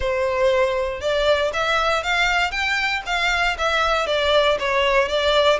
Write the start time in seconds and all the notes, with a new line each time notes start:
0.00 C5
1.00 D5
1.53 E5
2.03 F5
2.51 G5
3.06 F5
3.58 E5
4.07 D5
4.59 C#5
5.08 D5